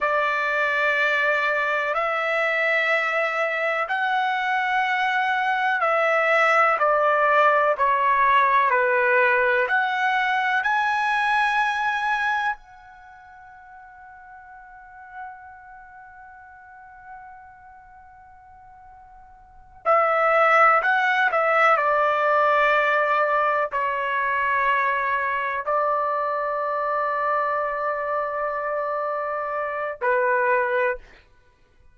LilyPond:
\new Staff \with { instrumentName = "trumpet" } { \time 4/4 \tempo 4 = 62 d''2 e''2 | fis''2 e''4 d''4 | cis''4 b'4 fis''4 gis''4~ | gis''4 fis''2.~ |
fis''1~ | fis''8 e''4 fis''8 e''8 d''4.~ | d''8 cis''2 d''4.~ | d''2. b'4 | }